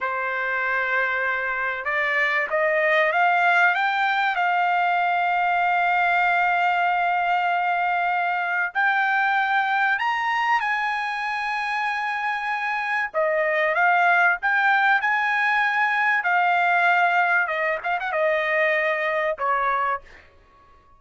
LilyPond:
\new Staff \with { instrumentName = "trumpet" } { \time 4/4 \tempo 4 = 96 c''2. d''4 | dis''4 f''4 g''4 f''4~ | f''1~ | f''2 g''2 |
ais''4 gis''2.~ | gis''4 dis''4 f''4 g''4 | gis''2 f''2 | dis''8 f''16 fis''16 dis''2 cis''4 | }